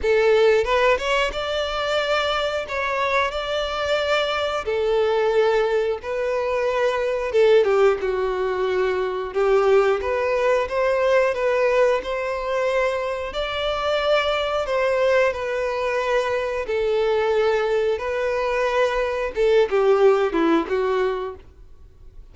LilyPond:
\new Staff \with { instrumentName = "violin" } { \time 4/4 \tempo 4 = 90 a'4 b'8 cis''8 d''2 | cis''4 d''2 a'4~ | a'4 b'2 a'8 g'8 | fis'2 g'4 b'4 |
c''4 b'4 c''2 | d''2 c''4 b'4~ | b'4 a'2 b'4~ | b'4 a'8 g'4 e'8 fis'4 | }